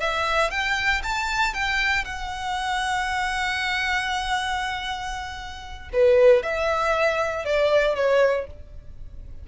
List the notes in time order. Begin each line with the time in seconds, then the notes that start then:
0.00 E5
0.50 G5
1.03 A5
1.54 G5
2.04 F#5
5.93 B4
6.42 E5
7.45 D5
7.95 C#5